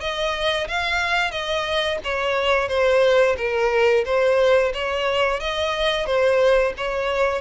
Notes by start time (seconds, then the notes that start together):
0.00 D#5
0.67 F5
1.31 D#5
2.03 C#5
2.68 C5
3.37 A#4
4.05 C5
4.73 C#5
5.40 D#5
6.06 C5
6.77 C#5